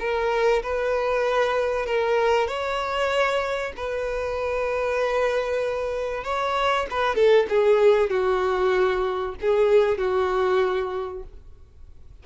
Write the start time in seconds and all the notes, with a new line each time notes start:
0.00 A#4
0.63 B4
1.86 A#4
2.48 C#5
3.77 B4
6.24 C#5
6.91 B4
7.16 A4
7.50 G#4
8.10 F#4
9.41 G#4
9.98 F#4